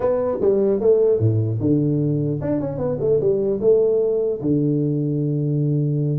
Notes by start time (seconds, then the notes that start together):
0.00 B3
0.41 G3
0.80 A3
1.19 A2
1.60 D3
2.41 D4
2.60 C#4
2.78 B3
2.99 A3
3.20 G3
3.60 A3
4.41 D3